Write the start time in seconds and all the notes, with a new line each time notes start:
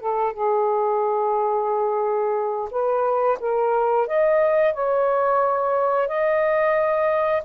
0.00 A4
0.32 G#4
2.71 B4
3.40 A#4
4.07 D#5
4.73 C#5
6.08 D#5